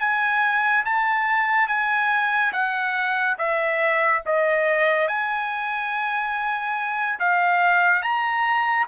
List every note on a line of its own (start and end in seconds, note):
0.00 0.85 G#5
0.86 1.68 A5
1.68 2.52 G#5
2.53 3.37 F#5
3.38 4.23 E5
4.26 5.08 D#5
5.08 7.19 G#5
7.19 8.02 F5
8.02 8.87 A#5